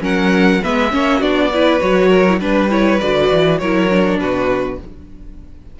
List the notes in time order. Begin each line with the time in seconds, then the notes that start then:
0.00 F#3 C#4 A#4 F#5
0.62 G#3 B3 B4 E5
0.91 A#3 C#4 C#5
1.18 B3 D4 F#4 D5
1.53 E4 B4
1.79 F#3 F#4 C#5
2.08 A#4
2.28 E4
2.39 G3 D4 B4
2.69 E4 C#5
3.00 D3 F#4 D5
3.31 E3
3.58 F#3 E4 A#4 C#5
3.89 D4
4.18 B2 F#4 B4